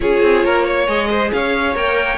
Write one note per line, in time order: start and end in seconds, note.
0.00 0.22 C#4
0.00 0.86 F4
0.00 0.45 G#4
0.00 0.87 C#5
0.22 0.43 C4
0.44 0.87 A#3
0.44 0.64 A#4
0.64 1.08 C#5
0.87 1.31 G#3
0.87 1.74 G#4
0.87 1.30 D#5
1.10 1.32 C5
1.32 1.75 C#4
1.32 2.17 C#5
1.32 1.76 F5
1.75 2.17 A#3
1.75 2.17 A#4
1.75 2.17 G5